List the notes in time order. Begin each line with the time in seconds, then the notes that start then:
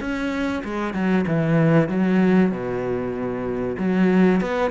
0.00 C#4
0.64 G#3
0.93 F#3
1.27 E3
1.89 F#3
2.51 B2
3.78 F#3
4.41 B3